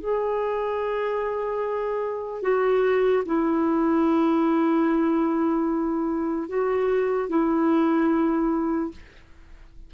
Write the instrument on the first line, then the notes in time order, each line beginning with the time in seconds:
clarinet
0.00 G#4
2.43 F#4
3.25 E4
6.49 F#4
7.29 E4